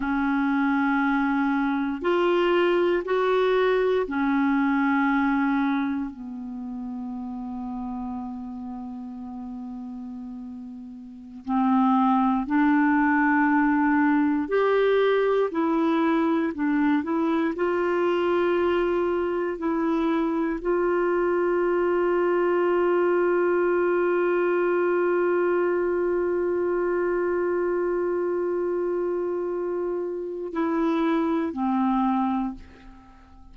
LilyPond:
\new Staff \with { instrumentName = "clarinet" } { \time 4/4 \tempo 4 = 59 cis'2 f'4 fis'4 | cis'2 b2~ | b2.~ b16 c'8.~ | c'16 d'2 g'4 e'8.~ |
e'16 d'8 e'8 f'2 e'8.~ | e'16 f'2.~ f'8.~ | f'1~ | f'2 e'4 c'4 | }